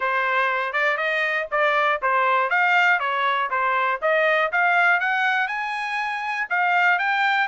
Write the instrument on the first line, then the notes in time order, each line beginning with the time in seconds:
trumpet
0.00 C5
0.72 D5
0.97 D#5
1.51 D5
2.02 C5
2.50 F5
2.99 C#5
3.50 C5
4.01 D#5
4.51 F5
5.00 F#5
5.47 G#5
6.49 F5
6.98 G5